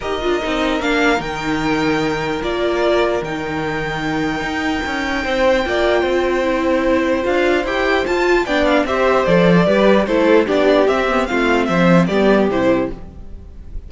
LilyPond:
<<
  \new Staff \with { instrumentName = "violin" } { \time 4/4 \tempo 4 = 149 dis''2 f''4 g''4~ | g''2 d''2 | g''1~ | g''1~ |
g''2 f''4 g''4 | a''4 g''8 f''8 e''4 d''4~ | d''4 c''4 d''4 e''4 | f''4 e''4 d''4 c''4 | }
  \new Staff \with { instrumentName = "violin" } { \time 4/4 ais'1~ | ais'1~ | ais'1~ | ais'4 c''4 d''4 c''4~ |
c''1~ | c''4 d''4 c''2 | b'4 a'4 g'2 | f'4 c''4 g'2 | }
  \new Staff \with { instrumentName = "viola" } { \time 4/4 g'8 f'8 dis'4 d'4 dis'4~ | dis'2 f'2 | dis'1~ | dis'2 f'2 |
e'2 f'4 g'4 | f'4 d'4 g'4 a'4 | g'4 e'4 d'4 c'8 b8 | c'2 b4 e'4 | }
  \new Staff \with { instrumentName = "cello" } { \time 4/4 dis'8 d'8 c'4 ais4 dis4~ | dis2 ais2 | dis2. dis'4 | cis'4 c'4 ais4 c'4~ |
c'2 d'4 e'4 | f'4 b4 c'4 f4 | g4 a4 b4 c'4 | a4 f4 g4 c4 | }
>>